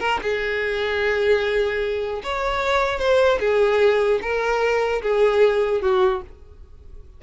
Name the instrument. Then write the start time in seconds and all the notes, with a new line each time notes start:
violin
0.00 A#4
0.22 G#4
2.24 C#5
2.99 C5
3.40 G#4
4.22 A#4
5.02 G#4
5.82 F#4